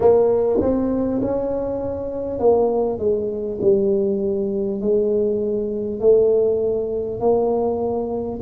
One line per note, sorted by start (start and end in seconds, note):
0.00 0.60 A#3
0.61 1.21 C4
1.21 2.39 C#4
2.39 2.98 A#3
2.98 3.58 G#3
3.61 4.80 G3
4.80 6.00 G#3
6.00 7.19 A3
7.19 8.39 A#3